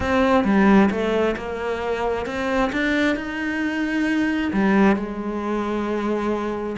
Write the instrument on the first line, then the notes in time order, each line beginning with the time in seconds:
cello
0.00 C4
0.44 G3
0.90 A3
1.36 A#3
2.26 C4
2.72 D4
3.16 D#4
4.53 G3
4.95 G#3